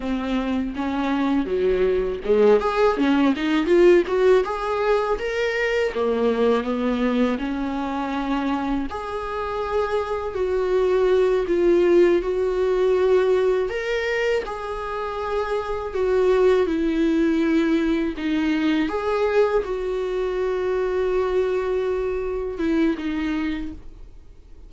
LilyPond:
\new Staff \with { instrumentName = "viola" } { \time 4/4 \tempo 4 = 81 c'4 cis'4 fis4 gis8 gis'8 | cis'8 dis'8 f'8 fis'8 gis'4 ais'4 | ais4 b4 cis'2 | gis'2 fis'4. f'8~ |
f'8 fis'2 ais'4 gis'8~ | gis'4. fis'4 e'4.~ | e'8 dis'4 gis'4 fis'4.~ | fis'2~ fis'8 e'8 dis'4 | }